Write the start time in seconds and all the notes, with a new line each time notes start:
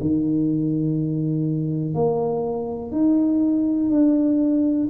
0.00 D#3
1.94 A#3
2.91 D#4
3.90 D4